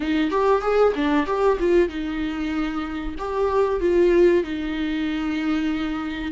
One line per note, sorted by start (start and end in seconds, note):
0.00 0.30 D#4
0.30 0.61 G4
0.61 0.93 G#4
0.95 1.26 D4
1.26 1.58 G4
1.59 1.89 F4
1.89 3.15 D#4
3.18 3.80 G4
3.80 4.43 F4
4.43 6.31 D#4